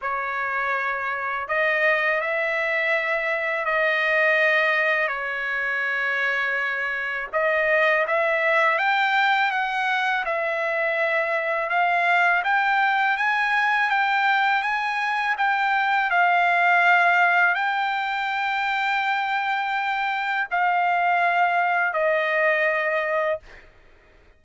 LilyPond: \new Staff \with { instrumentName = "trumpet" } { \time 4/4 \tempo 4 = 82 cis''2 dis''4 e''4~ | e''4 dis''2 cis''4~ | cis''2 dis''4 e''4 | g''4 fis''4 e''2 |
f''4 g''4 gis''4 g''4 | gis''4 g''4 f''2 | g''1 | f''2 dis''2 | }